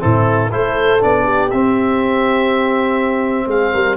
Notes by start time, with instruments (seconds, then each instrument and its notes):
0.00 tuba A2, trombone C4, horn E4, oboe A4
0.51 tuba A3, trombone E4, horn A4, oboe C5
1.00 tuba B3, trombone D4, oboe D5
1.23 horn G4
1.50 tuba C4, trombone C4, oboe E5
3.47 tuba G#3, horn G#4, oboe F5
3.73 tuba G3, horn A#4